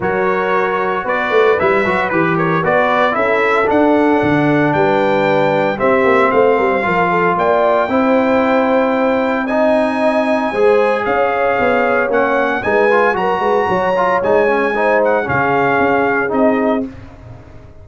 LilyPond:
<<
  \new Staff \with { instrumentName = "trumpet" } { \time 4/4 \tempo 4 = 114 cis''2 d''4 e''4 | b'8 cis''8 d''4 e''4 fis''4~ | fis''4 g''2 e''4 | f''2 g''2~ |
g''2 gis''2~ | gis''4 f''2 fis''4 | gis''4 ais''2 gis''4~ | gis''8 fis''8 f''2 dis''4 | }
  \new Staff \with { instrumentName = "horn" } { \time 4/4 ais'2 b'2~ | b'8 ais'8 b'4 a'2~ | a'4 b'2 g'4 | c''8 ais'16 c''16 ais'8 a'8 d''4 c''4~ |
c''2 dis''2 | c''4 cis''2. | b'4 ais'8 b'8 cis''2 | c''4 gis'2. | }
  \new Staff \with { instrumentName = "trombone" } { \time 4/4 fis'2. e'8 fis'8 | g'4 fis'4 e'4 d'4~ | d'2. c'4~ | c'4 f'2 e'4~ |
e'2 dis'2 | gis'2. cis'4 | dis'8 f'8 fis'4. f'8 dis'8 cis'8 | dis'4 cis'2 dis'4 | }
  \new Staff \with { instrumentName = "tuba" } { \time 4/4 fis2 b8 a8 g8 fis8 | e4 b4 cis'4 d'4 | d4 g2 c'8 ais8 | a8 g8 f4 ais4 c'4~ |
c'1 | gis4 cis'4 b4 ais4 | gis4 fis8 gis8 fis4 gis4~ | gis4 cis4 cis'4 c'4 | }
>>